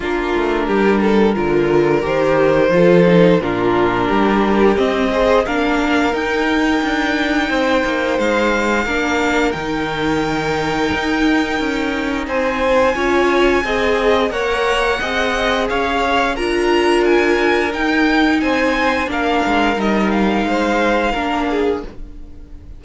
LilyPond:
<<
  \new Staff \with { instrumentName = "violin" } { \time 4/4 \tempo 4 = 88 ais'2. c''4~ | c''4 ais'2 dis''4 | f''4 g''2. | f''2 g''2~ |
g''2 gis''2~ | gis''4 fis''2 f''4 | ais''4 gis''4 g''4 gis''4 | f''4 dis''8 f''2~ f''8 | }
  \new Staff \with { instrumentName = "violin" } { \time 4/4 f'4 g'8 a'8 ais'2 | a'4 f'4 g'4. c''8 | ais'2. c''4~ | c''4 ais'2.~ |
ais'2 c''4 cis''4 | dis''4 cis''4 dis''4 cis''4 | ais'2. c''4 | ais'2 c''4 ais'8 gis'8 | }
  \new Staff \with { instrumentName = "viola" } { \time 4/4 d'2 f'4 g'4 | f'8 dis'8 d'2 c'8 gis'8 | d'4 dis'2.~ | dis'4 d'4 dis'2~ |
dis'2. f'4 | gis'4 ais'4 gis'2 | f'2 dis'2 | d'4 dis'2 d'4 | }
  \new Staff \with { instrumentName = "cello" } { \time 4/4 ais8 a8 g4 d4 dis4 | f4 ais,4 g4 c'4 | ais4 dis'4 d'4 c'8 ais8 | gis4 ais4 dis2 |
dis'4 cis'4 c'4 cis'4 | c'4 ais4 c'4 cis'4 | d'2 dis'4 c'4 | ais8 gis8 g4 gis4 ais4 | }
>>